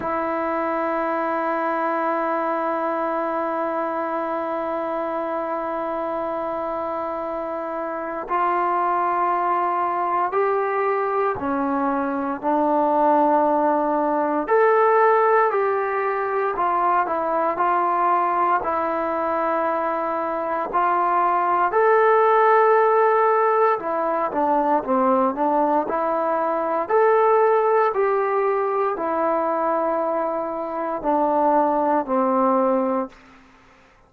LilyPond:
\new Staff \with { instrumentName = "trombone" } { \time 4/4 \tempo 4 = 58 e'1~ | e'1 | f'2 g'4 cis'4 | d'2 a'4 g'4 |
f'8 e'8 f'4 e'2 | f'4 a'2 e'8 d'8 | c'8 d'8 e'4 a'4 g'4 | e'2 d'4 c'4 | }